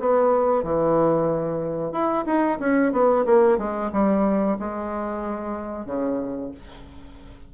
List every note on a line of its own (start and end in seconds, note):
0.00 0.63 B3
0.63 1.92 E3
1.92 2.25 E4
2.26 2.59 D#4
2.60 2.93 C#4
2.93 3.25 B3
3.26 3.58 A#3
3.58 3.91 G#3
3.92 4.58 G3
4.59 5.86 G#3
5.86 6.51 C#3